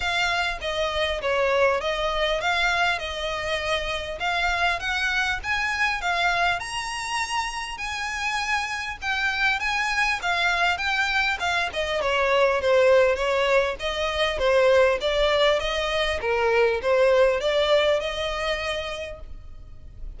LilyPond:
\new Staff \with { instrumentName = "violin" } { \time 4/4 \tempo 4 = 100 f''4 dis''4 cis''4 dis''4 | f''4 dis''2 f''4 | fis''4 gis''4 f''4 ais''4~ | ais''4 gis''2 g''4 |
gis''4 f''4 g''4 f''8 dis''8 | cis''4 c''4 cis''4 dis''4 | c''4 d''4 dis''4 ais'4 | c''4 d''4 dis''2 | }